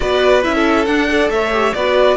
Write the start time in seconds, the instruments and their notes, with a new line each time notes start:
0.00 cello B3, viola F#4, violin B4 D5
0.42 cello C#4, viola E4, violin E5
0.54 violin A4
0.85 cello D4, viola D4, violin F#5
1.08 viola A4, violin D5
1.28 cello A3, violin C#5 E5
1.51 viola G4
1.73 cello B3, viola F#4, violin B4 D5